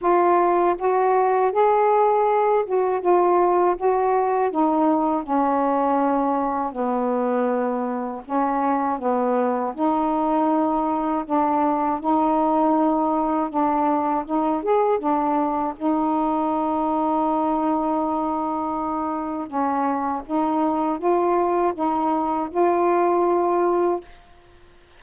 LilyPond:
\new Staff \with { instrumentName = "saxophone" } { \time 4/4 \tempo 4 = 80 f'4 fis'4 gis'4. fis'8 | f'4 fis'4 dis'4 cis'4~ | cis'4 b2 cis'4 | b4 dis'2 d'4 |
dis'2 d'4 dis'8 gis'8 | d'4 dis'2.~ | dis'2 cis'4 dis'4 | f'4 dis'4 f'2 | }